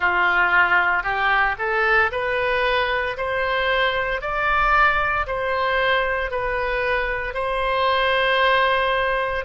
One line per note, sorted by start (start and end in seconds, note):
0.00 1.02 F4
1.02 1.55 G4
1.58 2.11 A4
2.11 3.16 B4
3.17 4.21 C5
4.21 5.26 D5
5.26 6.31 C5
6.31 7.34 B4
7.34 9.44 C5